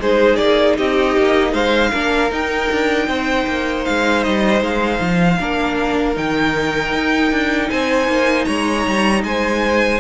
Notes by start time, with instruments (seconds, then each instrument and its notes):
0.00 cello G#3, viola D#4, violin G#4 C5
0.36 cello A#3, violin D5
0.77 cello C4, violin G4 D#5
1.17 cello A#3
1.52 cello G#3, violin C5 F5
1.91 cello A#3, viola D4, violin A#4
2.30 viola D#4, cello D#4, violin G5
2.72 cello D4
3.08 cello C4, violin C5
3.47 cello A#3
3.85 cello G#3, violin F5
4.23 cello G3, violin D#5
4.61 cello G#3, violin F5
5.00 cello F3
5.39 cello A#3, viola D4, violin A#4
6.15 cello D#3, viola D#4, violin G5
6.93 cello D#4
7.31 cello D4
7.70 cello C4, violin C5 G#5
8.08 cello A#3
8.45 cello G#3, violin C#5 A#5
8.87 cello G3
9.24 cello G#3, violin C5 G#5